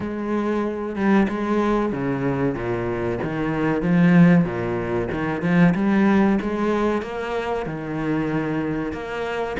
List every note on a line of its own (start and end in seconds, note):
0.00 0.95 G#3
0.95 1.27 G3
1.28 1.92 G#3
1.92 2.54 C#3
2.54 3.18 A#2
3.23 3.82 D#3
3.82 4.44 F3
4.44 5.08 A#2
5.11 5.42 D#3
5.42 5.74 F3
5.74 6.38 G3
6.41 7.02 G#3
7.02 7.66 A#3
7.66 8.92 D#3
8.92 9.56 A#3